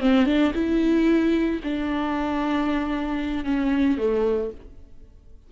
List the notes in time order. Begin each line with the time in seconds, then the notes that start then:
0.00 C4
0.26 D4
0.54 E4
1.64 D4
3.45 C#4
3.98 A3